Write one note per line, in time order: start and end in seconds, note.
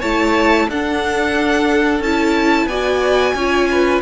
0.00 0.68 A3
0.00 0.70 E4
0.00 0.67 C#5
0.00 0.68 A5
0.68 2.00 D4
0.68 2.04 D4
0.68 2.69 A4
0.68 2.02 F#5
2.00 2.66 C#4
2.00 2.70 E4
2.00 2.68 A5
2.66 3.33 B3
2.66 3.37 F#4
2.66 3.35 D5
2.66 4.01 G#5
3.35 4.01 C#4
3.35 4.02 F4
3.35 3.69 C#5
3.71 4.02 B4